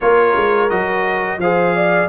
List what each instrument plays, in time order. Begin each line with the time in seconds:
0.00 tuba A#3, trombone F4, horn A#4, trumpet C#5
0.36 tuba G#3
0.69 tuba F#3, trombone F#4, trumpet D#5
1.37 tuba F3, trombone G#4, horn C5, trumpet F5
1.75 horn D5